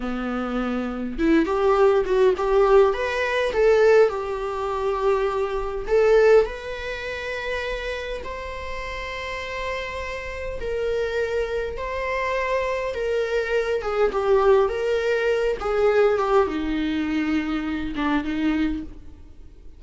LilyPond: \new Staff \with { instrumentName = "viola" } { \time 4/4 \tempo 4 = 102 b2 e'8 g'4 fis'8 | g'4 b'4 a'4 g'4~ | g'2 a'4 b'4~ | b'2 c''2~ |
c''2 ais'2 | c''2 ais'4. gis'8 | g'4 ais'4. gis'4 g'8 | dis'2~ dis'8 d'8 dis'4 | }